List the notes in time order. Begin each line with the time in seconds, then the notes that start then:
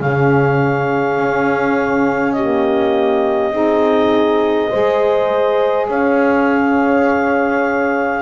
0.00 C#3 C#4 G#4 F5
1.18 C#4
2.32 G4 D#5
2.39 A#3
3.51 C4 D#4 G#4
4.70 G#3 G#4 C5
5.88 C#4 C#5 F5